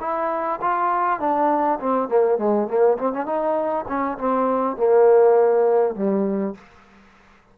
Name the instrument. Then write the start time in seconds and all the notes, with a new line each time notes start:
trombone
0.00 E4
0.61 F4
1.19 D4
1.80 C4
2.08 A#3
2.38 G#3
2.67 A#3
2.98 C4
3.12 C#4
3.25 D#4
3.88 C#4
4.18 C4
4.76 A#3
5.95 G3